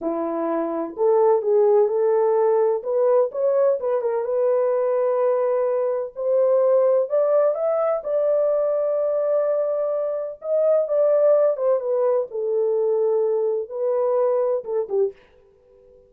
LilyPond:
\new Staff \with { instrumentName = "horn" } { \time 4/4 \tempo 4 = 127 e'2 a'4 gis'4 | a'2 b'4 cis''4 | b'8 ais'8 b'2.~ | b'4 c''2 d''4 |
e''4 d''2.~ | d''2 dis''4 d''4~ | d''8 c''8 b'4 a'2~ | a'4 b'2 a'8 g'8 | }